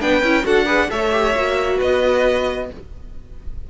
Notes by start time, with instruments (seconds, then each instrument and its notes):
0.00 cello B3, viola D4, violin B4 G5
0.22 cello C#4, viola E4
0.43 cello D4, viola F#4, violin A4 F#5
0.65 viola G#4, violin B4
0.89 cello A3, viola A4, violin C#5 E5
1.11 viola G4
1.35 cello A#3, viola F#4
1.77 cello B3, violin B4 D#5